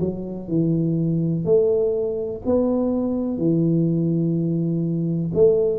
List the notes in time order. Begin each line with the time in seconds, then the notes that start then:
0.00 F#3
0.49 E3
1.45 A3
2.45 B3
3.38 E3
5.35 A3